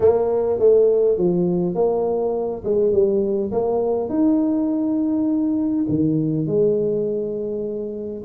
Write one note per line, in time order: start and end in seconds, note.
0.00 0.59 A#3
0.59 1.17 A3
1.17 1.74 F3
1.74 2.63 A#3
2.64 2.92 G#3
2.92 3.51 G3
3.51 4.09 A#3
4.09 5.85 D#4
5.88 6.46 D#3
6.46 8.23 G#3